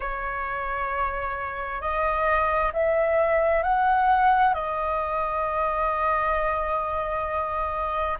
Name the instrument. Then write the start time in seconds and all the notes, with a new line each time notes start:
flute
0.00 C#5
1.81 D#5
2.73 E5
3.62 F#5
4.53 D#5